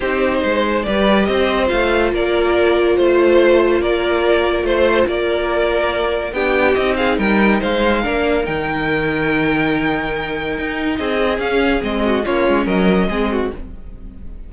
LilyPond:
<<
  \new Staff \with { instrumentName = "violin" } { \time 4/4 \tempo 4 = 142 c''2 d''4 dis''4 | f''4 d''2 c''4~ | c''4 d''2 c''4 | d''2. g''4 |
dis''8 f''8 g''4 f''2 | g''1~ | g''2 dis''4 f''4 | dis''4 cis''4 dis''2 | }
  \new Staff \with { instrumentName = "violin" } { \time 4/4 g'4 c''4 b'4 c''4~ | c''4 ais'2 c''4~ | c''4 ais'2 c''4 | ais'2. g'4~ |
g'8 gis'8 ais'4 c''4 ais'4~ | ais'1~ | ais'2 gis'2~ | gis'8 fis'8 f'4 ais'4 gis'8 fis'8 | }
  \new Staff \with { instrumentName = "viola" } { \time 4/4 dis'2 g'2 | f'1~ | f'1~ | f'2. d'4 |
dis'2. d'4 | dis'1~ | dis'2. cis'4 | c'4 cis'2 c'4 | }
  \new Staff \with { instrumentName = "cello" } { \time 4/4 c'4 gis4 g4 c'4 | a4 ais2 a4~ | a4 ais2 a4 | ais2. b4 |
c'4 g4 gis4 ais4 | dis1~ | dis4 dis'4 c'4 cis'4 | gis4 ais8 gis8 fis4 gis4 | }
>>